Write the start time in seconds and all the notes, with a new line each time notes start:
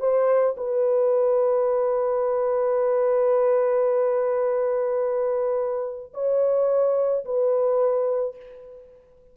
0.00 C5
0.57 B4
6.14 C#5
7.25 B4